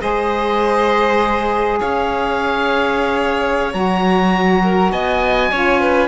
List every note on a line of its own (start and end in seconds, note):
0.00 1.80 G#3
0.00 3.71 G#4
0.00 1.79 C5
0.00 1.79 D#5
1.79 3.74 C#4
1.79 4.62 C#5
1.79 3.73 F5
3.73 4.91 F#3
3.73 5.51 F#4
3.73 4.91 A#5
4.62 4.92 A#4
4.91 5.51 B3
4.91 5.50 D#5
4.91 6.07 G#5
5.50 6.07 C#4
5.50 6.07 F4
5.50 5.80 C#5
5.80 6.07 B4